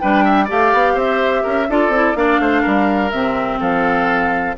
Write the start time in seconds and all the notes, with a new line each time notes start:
0.00 G3 D4 B4 G5
0.25 E5
0.45 A3 G4 D5 F5
0.73 B3
0.95 C4 C5 E5
1.44 C#4 A#4
1.70 D4 F4 A4 D5
1.89 C4 E4
2.16 A#3 D4 D5 F5
2.39 A3 C5
2.62 G3 A#4
3.11 C3 C4 E5
3.60 F3 A4 F5